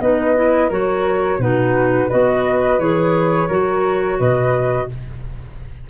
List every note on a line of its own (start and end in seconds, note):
0.00 0.70 B3
0.00 0.35 D#4
0.00 0.68 B4
0.00 0.70 D#5
0.35 0.70 E4
0.68 1.38 F#3
0.68 1.40 F#4
0.68 1.38 A#4
0.68 1.41 C#5
1.38 2.08 B2
1.38 2.10 D#4
1.38 2.08 F#4
1.38 2.09 B4
2.08 2.78 B3
2.08 2.80 F#4
2.08 3.48 B4
2.08 2.79 D#5
2.78 3.48 E3
2.78 3.49 G#4
2.78 4.19 C#5
3.48 4.19 F#3
3.48 4.89 F#4
3.48 4.17 A#4
4.18 4.89 B2
4.18 4.88 B4
4.18 4.89 D#5